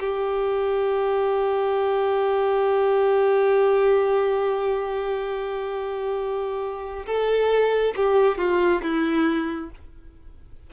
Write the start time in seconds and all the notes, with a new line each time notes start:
0.00 G4
7.06 A4
7.96 G4
8.38 F4
8.82 E4